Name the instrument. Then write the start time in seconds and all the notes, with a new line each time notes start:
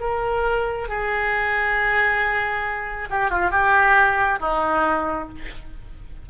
oboe
0.00 A#4
0.88 G#4
3.10 G4
3.30 F4
3.51 G4
4.40 D#4